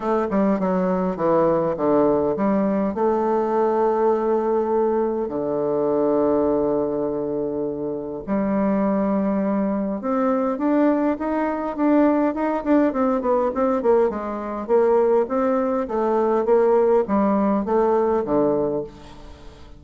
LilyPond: \new Staff \with { instrumentName = "bassoon" } { \time 4/4 \tempo 4 = 102 a8 g8 fis4 e4 d4 | g4 a2.~ | a4 d2.~ | d2 g2~ |
g4 c'4 d'4 dis'4 | d'4 dis'8 d'8 c'8 b8 c'8 ais8 | gis4 ais4 c'4 a4 | ais4 g4 a4 d4 | }